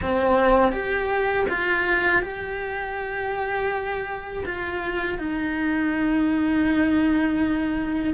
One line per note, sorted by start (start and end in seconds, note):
0.02 0.72 C4
0.72 1.46 G4
1.49 2.22 F4
2.22 4.44 G4
4.45 5.18 F4
5.18 8.13 D#4